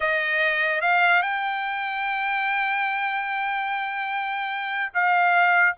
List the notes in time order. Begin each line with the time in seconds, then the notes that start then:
0.00 D#5
0.81 F5
1.22 G5
4.93 F5